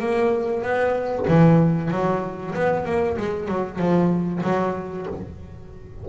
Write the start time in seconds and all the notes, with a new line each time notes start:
0.00 A#3
0.63 B3
1.28 E3
1.91 F#3
2.55 B3
2.86 A#3
3.18 G#3
3.49 F#3
3.79 F3
4.44 F#3